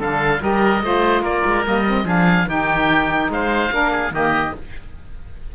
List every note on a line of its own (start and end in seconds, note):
0.00 0.41 D3
0.00 0.41 D4
0.00 0.41 A4
0.00 0.43 F5
0.41 0.83 G3
0.41 0.82 G4
0.41 0.83 A#4
0.41 1.24 D#5
0.82 1.22 A3
0.82 1.64 F4
0.82 1.22 C5
1.22 1.43 A#3
1.22 2.04 A#4
1.22 1.65 D5
1.45 1.66 G#3
1.64 2.04 G3
1.64 1.85 A#3
1.64 2.08 D#5
1.88 2.06 C4
2.04 2.46 F3
2.04 2.47 D4
2.04 2.47 G#4
2.04 2.50 F5
2.47 3.29 D#3
2.47 3.70 D#4
2.47 3.31 G4
2.47 3.32 G5
3.29 3.70 G#3
3.29 3.74 C5
3.29 4.14 F5
3.71 4.11 A#3
3.71 4.12 D4
3.71 3.91 A#4
3.91 4.12 G#4
4.11 4.52 D#3
4.11 4.54 A#3
4.11 4.55 G4
4.11 4.56 D#5